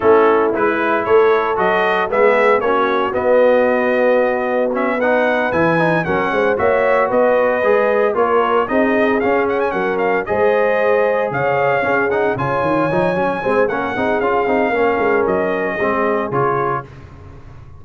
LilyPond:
<<
  \new Staff \with { instrumentName = "trumpet" } { \time 4/4 \tempo 4 = 114 a'4 b'4 cis''4 dis''4 | e''4 cis''4 dis''2~ | dis''4 e''8 fis''4 gis''4 fis''8~ | fis''8 e''4 dis''2 cis''8~ |
cis''8 dis''4 f''8 fis''16 gis''16 fis''8 f''8 dis''8~ | dis''4. f''4. fis''8 gis''8~ | gis''2 fis''4 f''4~ | f''4 dis''2 cis''4 | }
  \new Staff \with { instrumentName = "horn" } { \time 4/4 e'2 a'2 | gis'4 fis'2.~ | fis'4. b'2 ais'8 | c''8 cis''4 b'2 ais'8~ |
ais'8 gis'2 ais'4 c''8~ | c''4. cis''4 gis'4 cis''8~ | cis''4. c''8 ais'8 gis'4. | ais'2 gis'2 | }
  \new Staff \with { instrumentName = "trombone" } { \time 4/4 cis'4 e'2 fis'4 | b4 cis'4 b2~ | b4 cis'8 dis'4 e'8 dis'8 cis'8~ | cis'8 fis'2 gis'4 f'8~ |
f'8 dis'4 cis'2 gis'8~ | gis'2~ gis'8 cis'8 dis'8 f'8~ | f'8 dis'8 cis'8 c'8 cis'8 dis'8 f'8 dis'8 | cis'2 c'4 f'4 | }
  \new Staff \with { instrumentName = "tuba" } { \time 4/4 a4 gis4 a4 fis4 | gis4 ais4 b2~ | b2~ b8 e4 fis8 | gis8 ais4 b4 gis4 ais8~ |
ais8 c'4 cis'4 fis4 gis8~ | gis4. cis4 cis'4 cis8 | dis8 f8 fis8 gis8 ais8 c'8 cis'8 c'8 | ais8 gis8 fis4 gis4 cis4 | }
>>